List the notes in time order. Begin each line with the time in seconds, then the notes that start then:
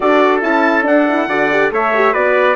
0.00 D4 F#4 A4 D5
0.42 C#4 E4 A5
0.82 D4 F#5
1.08 E4
1.27 D3 F#4 D5
1.50 G4
1.71 A3 A4 C#5 E5
1.95 G4
2.12 B3 F#4 B4 D5